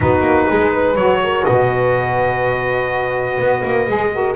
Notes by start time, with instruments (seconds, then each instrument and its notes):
0.00 double bass B3, saxophone D#4, horn F#4, trumpet B4
0.20 double bass A#3
0.48 double bass G#3, horn G#4
0.72 horn B4
0.95 double bass F#3, saxophone F#4, trumpet C#5
1.23 horn A#4
1.45 double bass B2, horn B4, trumpet D#5
3.38 double bass B3
3.64 double bass A#3
3.86 double bass G#3, saxophone G#4
4.11 saxophone F#4, horn A#4